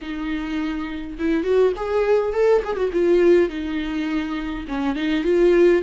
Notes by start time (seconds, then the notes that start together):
0.01 D#4
1.19 E4
1.43 F#4
1.76 G#4
2.33 A4
2.64 G#4
2.76 F#4
2.92 F4
3.49 D#4
4.68 C#4
4.95 D#4
5.24 F4